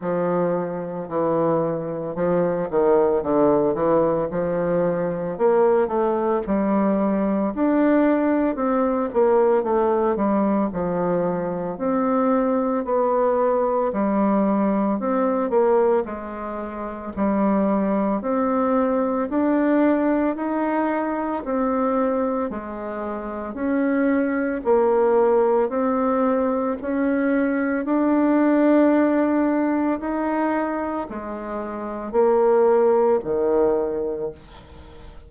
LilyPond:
\new Staff \with { instrumentName = "bassoon" } { \time 4/4 \tempo 4 = 56 f4 e4 f8 dis8 d8 e8 | f4 ais8 a8 g4 d'4 | c'8 ais8 a8 g8 f4 c'4 | b4 g4 c'8 ais8 gis4 |
g4 c'4 d'4 dis'4 | c'4 gis4 cis'4 ais4 | c'4 cis'4 d'2 | dis'4 gis4 ais4 dis4 | }